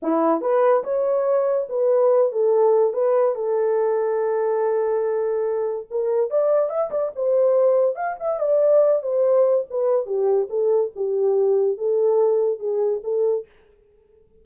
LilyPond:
\new Staff \with { instrumentName = "horn" } { \time 4/4 \tempo 4 = 143 e'4 b'4 cis''2 | b'4. a'4. b'4 | a'1~ | a'2 ais'4 d''4 |
e''8 d''8 c''2 f''8 e''8 | d''4. c''4. b'4 | g'4 a'4 g'2 | a'2 gis'4 a'4 | }